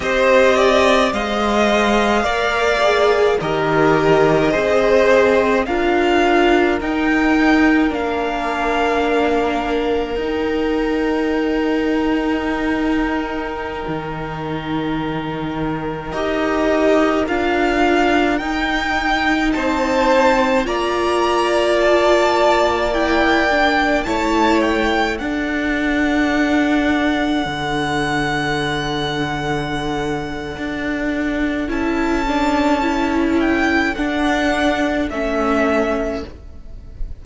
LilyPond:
<<
  \new Staff \with { instrumentName = "violin" } { \time 4/4 \tempo 4 = 53 dis''4 f''2 dis''4~ | dis''4 f''4 g''4 f''4~ | f''4 g''2.~ | g''2~ g''16 dis''4 f''8.~ |
f''16 g''4 a''4 ais''4 a''8.~ | a''16 g''4 a''8 g''8 fis''4.~ fis''16~ | fis''1 | a''4. g''8 fis''4 e''4 | }
  \new Staff \with { instrumentName = "violin" } { \time 4/4 c''8 d''8 dis''4 d''4 ais'4 | c''4 ais'2.~ | ais'1~ | ais'1~ |
ais'4~ ais'16 c''4 d''4.~ d''16~ | d''4~ d''16 cis''4 a'4.~ a'16~ | a'1~ | a'1 | }
  \new Staff \with { instrumentName = "viola" } { \time 4/4 g'4 c''4 ais'8 gis'8 g'4 | gis'4 f'4 dis'4 d'4~ | d'4 dis'2.~ | dis'2~ dis'16 g'4 f'8.~ |
f'16 dis'2 f'4.~ f'16~ | f'16 e'8 d'8 e'4 d'4.~ d'16~ | d'1 | e'8 d'8 e'4 d'4 cis'4 | }
  \new Staff \with { instrumentName = "cello" } { \time 4/4 c'4 gis4 ais4 dis4 | c'4 d'4 dis'4 ais4~ | ais4 dis'2.~ | dis'16 dis2 dis'4 d'8.~ |
d'16 dis'4 c'4 ais4.~ ais16~ | ais4~ ais16 a4 d'4.~ d'16~ | d'16 d2~ d8. d'4 | cis'2 d'4 a4 | }
>>